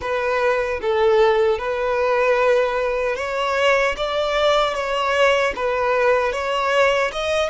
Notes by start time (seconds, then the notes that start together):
0.01 B4
0.81 A4
1.58 B4
3.16 C#5
3.96 D5
4.74 C#5
5.55 B4
6.32 C#5
7.12 D#5